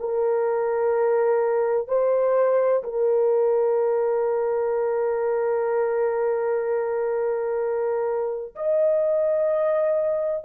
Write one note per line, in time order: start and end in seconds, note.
0.00 1.88 A#4
1.88 2.83 C5
2.84 8.55 A#4
8.56 10.45 D#5